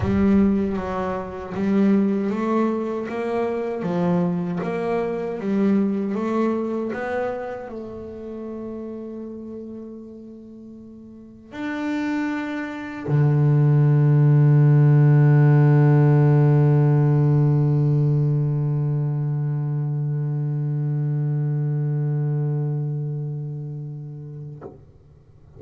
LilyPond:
\new Staff \with { instrumentName = "double bass" } { \time 4/4 \tempo 4 = 78 g4 fis4 g4 a4 | ais4 f4 ais4 g4 | a4 b4 a2~ | a2. d'4~ |
d'4 d2.~ | d1~ | d1~ | d1 | }